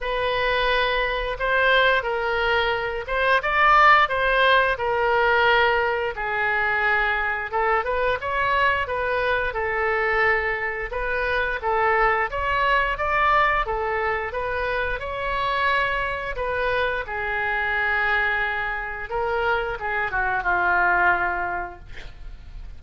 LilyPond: \new Staff \with { instrumentName = "oboe" } { \time 4/4 \tempo 4 = 88 b'2 c''4 ais'4~ | ais'8 c''8 d''4 c''4 ais'4~ | ais'4 gis'2 a'8 b'8 | cis''4 b'4 a'2 |
b'4 a'4 cis''4 d''4 | a'4 b'4 cis''2 | b'4 gis'2. | ais'4 gis'8 fis'8 f'2 | }